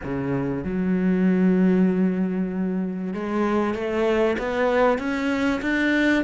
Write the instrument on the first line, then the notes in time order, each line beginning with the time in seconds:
cello
0.03 C#3
0.64 F#3
3.13 G#3
3.74 A3
4.38 B3
4.98 C#4
5.61 D4